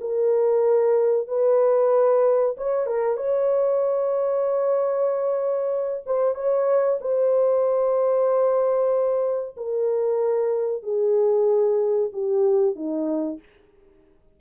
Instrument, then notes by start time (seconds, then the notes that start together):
horn
0.00 A#4
1.28 B4
2.57 C#5
2.86 A#4
3.17 C#5
6.06 C5
6.35 C#5
7.00 C5
9.57 A#4
10.83 G#4
12.12 G4
12.75 D#4